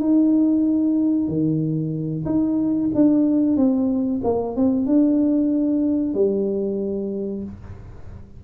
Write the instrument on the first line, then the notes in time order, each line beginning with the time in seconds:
tuba
0.00 D#4
1.28 D#3
2.26 D#4
2.95 D4
3.57 C4
4.24 A#3
4.56 C4
4.86 D4
6.14 G3